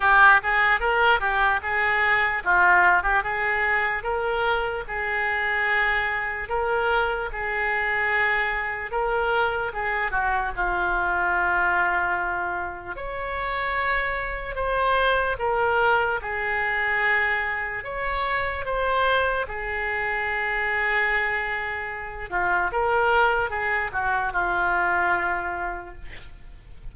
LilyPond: \new Staff \with { instrumentName = "oboe" } { \time 4/4 \tempo 4 = 74 g'8 gis'8 ais'8 g'8 gis'4 f'8. g'16 | gis'4 ais'4 gis'2 | ais'4 gis'2 ais'4 | gis'8 fis'8 f'2. |
cis''2 c''4 ais'4 | gis'2 cis''4 c''4 | gis'2.~ gis'8 f'8 | ais'4 gis'8 fis'8 f'2 | }